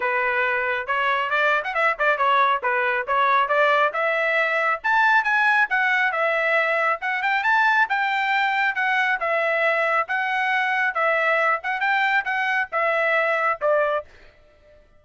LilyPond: \new Staff \with { instrumentName = "trumpet" } { \time 4/4 \tempo 4 = 137 b'2 cis''4 d''8. fis''16 | e''8 d''8 cis''4 b'4 cis''4 | d''4 e''2 a''4 | gis''4 fis''4 e''2 |
fis''8 g''8 a''4 g''2 | fis''4 e''2 fis''4~ | fis''4 e''4. fis''8 g''4 | fis''4 e''2 d''4 | }